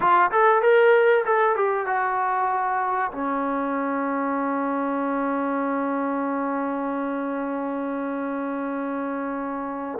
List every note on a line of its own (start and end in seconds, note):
0.00 0.30 F4
0.31 0.61 A4
0.61 1.24 A#4
1.25 1.55 A4
1.55 1.86 G4
1.86 3.11 F#4
3.11 9.99 C#4